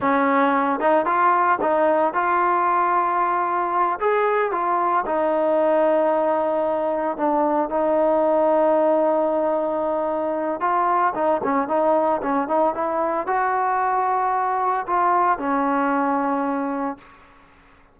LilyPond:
\new Staff \with { instrumentName = "trombone" } { \time 4/4 \tempo 4 = 113 cis'4. dis'8 f'4 dis'4 | f'2.~ f'8 gis'8~ | gis'8 f'4 dis'2~ dis'8~ | dis'4. d'4 dis'4.~ |
dis'1 | f'4 dis'8 cis'8 dis'4 cis'8 dis'8 | e'4 fis'2. | f'4 cis'2. | }